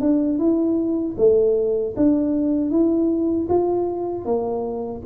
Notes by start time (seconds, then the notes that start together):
0.00 D4
0.38 E4
1.17 A3
1.96 D4
2.71 E4
3.49 F4
4.25 A#3